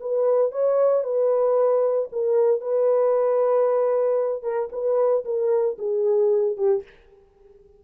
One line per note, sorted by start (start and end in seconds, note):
0.00 0.51 B4
0.51 1.03 C#5
1.03 2.09 B4
2.12 2.61 A#4
2.61 4.43 B4
4.43 4.69 A#4
4.72 5.24 B4
5.25 5.77 A#4
5.78 6.57 G#4
6.57 6.83 G4